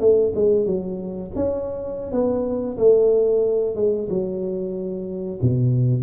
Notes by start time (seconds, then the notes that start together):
0.00 A3
0.35 G#3
0.66 F#3
1.35 C#4
2.12 B3
2.77 A3
3.76 G#3
4.09 F#3
5.42 B2